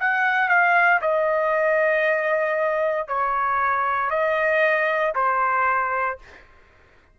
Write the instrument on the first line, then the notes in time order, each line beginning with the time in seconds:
trumpet
0.00 F#5
0.49 F5
1.02 D#5
3.08 C#5
4.11 D#5
5.15 C5